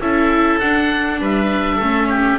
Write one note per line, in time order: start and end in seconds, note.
0.00 0.60 C#4
0.00 0.62 E4
0.00 1.21 A4
0.00 0.60 E5
0.60 1.82 D4
0.60 1.19 D4
0.60 1.20 F#5
1.19 1.79 G3
1.19 1.77 B4
1.19 2.39 E5
1.77 2.39 A3
1.77 2.39 C#4
1.77 2.06 A4
2.09 2.39 G4